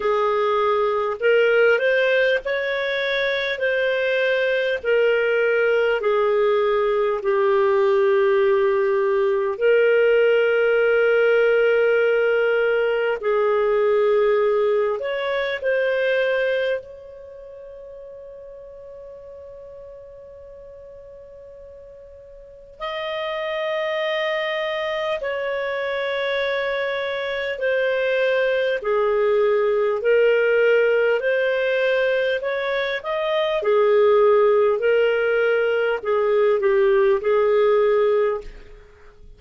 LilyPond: \new Staff \with { instrumentName = "clarinet" } { \time 4/4 \tempo 4 = 50 gis'4 ais'8 c''8 cis''4 c''4 | ais'4 gis'4 g'2 | ais'2. gis'4~ | gis'8 cis''8 c''4 cis''2~ |
cis''2. dis''4~ | dis''4 cis''2 c''4 | gis'4 ais'4 c''4 cis''8 dis''8 | gis'4 ais'4 gis'8 g'8 gis'4 | }